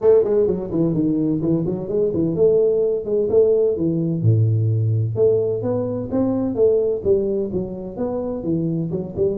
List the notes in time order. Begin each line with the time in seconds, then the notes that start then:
0.01 A3
0.24 G#3
0.46 F#3
0.71 E3
0.94 D#3
1.41 E3
1.66 F#3
1.88 G#3
2.13 E3
2.35 A3
3.04 G#3
3.29 A3
3.76 E3
4.22 A2
5.15 A3
5.62 B3
6.11 C4
6.55 A3
7.03 G3
7.52 F#3
7.96 B3
8.43 E3
8.91 F#3
9.16 G3